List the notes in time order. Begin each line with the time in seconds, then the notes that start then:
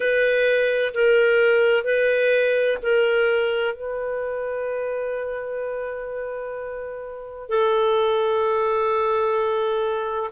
0.00 B4
0.94 A#4
1.84 B4
2.82 A#4
3.75 B4
7.49 A4